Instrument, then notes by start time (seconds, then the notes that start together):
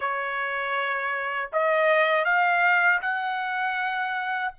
trumpet
0.00 C#5
1.52 D#5
2.24 F5
3.01 F#5